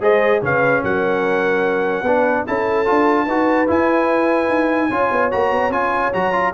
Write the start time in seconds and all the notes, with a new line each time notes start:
0.00 G#3 G#4 C5 D#5
0.41 C#3 C#4 B4 F5
0.83 F#3 A#4 F#5
2.02 B3 D4 B4
2.46 C#4 E4 A4 A5
2.85 D4 F4
3.25 D#4 F#4 B4
3.67 E4 G#5
4.48 D#4
4.89 C#4 F4 C#5
5.11 B3
5.31 A#3 F#4 A#5
5.51 B3
5.69 C#4 F4 G#5
6.13 F#3 F#4 A#5
6.32 F4